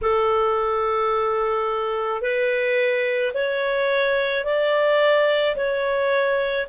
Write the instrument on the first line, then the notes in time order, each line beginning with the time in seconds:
clarinet
0.02 A4
2.21 B4
3.33 C#5
4.44 D5
5.56 C#5